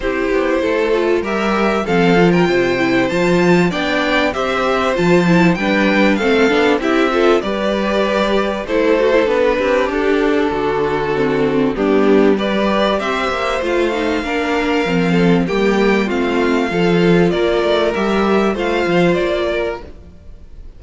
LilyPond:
<<
  \new Staff \with { instrumentName = "violin" } { \time 4/4 \tempo 4 = 97 c''2 e''4 f''8. g''16~ | g''4 a''4 g''4 e''4 | a''4 g''4 f''4 e''4 | d''2 c''4 b'4 |
a'2. g'4 | d''4 e''4 f''2~ | f''4 g''4 f''2 | d''4 e''4 f''4 d''4 | }
  \new Staff \with { instrumentName = "violin" } { \time 4/4 g'4 a'4 ais'4 a'8. ais'16 | c''2 d''4 c''4~ | c''4 b'4 a'4 g'8 a'8 | b'2 a'4. g'8~ |
g'4 fis'2 d'4 | b'4 c''2 ais'4~ | ais'8 a'8 g'4 f'4 a'4 | ais'2 c''4. ais'8 | }
  \new Staff \with { instrumentName = "viola" } { \time 4/4 e'4. f'8 g'4 c'8 f'8~ | f'8 e'8 f'4 d'4 g'4 | f'8 e'8 d'4 c'8 d'8 e'8 f'8 | g'2 e'8 fis'16 e'16 d'4~ |
d'2 c'4 b4 | g'2 f'8 dis'8 d'4 | c'4 ais4 c'4 f'4~ | f'4 g'4 f'2 | }
  \new Staff \with { instrumentName = "cello" } { \time 4/4 c'8 b8 a4 g4 f4 | c4 f4 b4 c'4 | f4 g4 a8 b8 c'4 | g2 a4 b8 c'8 |
d'4 d2 g4~ | g4 c'8 ais8 a4 ais4 | f4 g4 a4 f4 | ais8 a8 g4 a8 f8 ais4 | }
>>